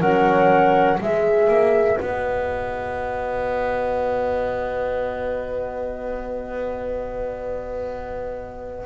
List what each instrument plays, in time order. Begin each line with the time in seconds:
0.00 double bass F#3, horn C#4, clarinet A#4, flute F#5
0.97 double bass G#3, clarinet B4, flute E5
1.05 horn G#4
1.49 double bass A#3
1.97 double bass B3, horn F#4, flute D#5